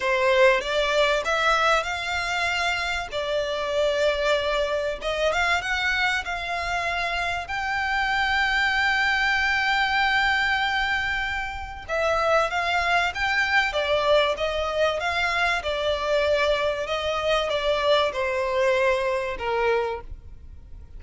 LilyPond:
\new Staff \with { instrumentName = "violin" } { \time 4/4 \tempo 4 = 96 c''4 d''4 e''4 f''4~ | f''4 d''2. | dis''8 f''8 fis''4 f''2 | g''1~ |
g''2. e''4 | f''4 g''4 d''4 dis''4 | f''4 d''2 dis''4 | d''4 c''2 ais'4 | }